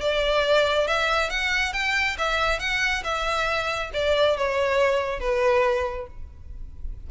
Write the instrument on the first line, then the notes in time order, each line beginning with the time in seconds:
violin
0.00 D5
0.87 E5
1.29 F#5
1.73 G5
2.18 E5
2.59 F#5
3.03 E5
3.93 D5
4.37 C#5
5.19 B4